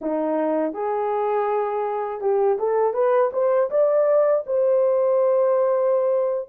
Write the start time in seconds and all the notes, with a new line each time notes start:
0.01 D#4
0.73 G#4
2.21 G4
2.58 A4
2.93 B4
3.33 C5
3.70 D5
4.46 C5